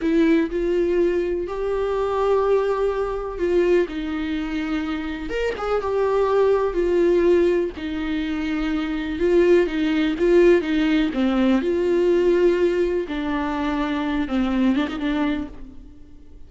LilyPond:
\new Staff \with { instrumentName = "viola" } { \time 4/4 \tempo 4 = 124 e'4 f'2 g'4~ | g'2. f'4 | dis'2. ais'8 gis'8 | g'2 f'2 |
dis'2. f'4 | dis'4 f'4 dis'4 c'4 | f'2. d'4~ | d'4. c'4 d'16 dis'16 d'4 | }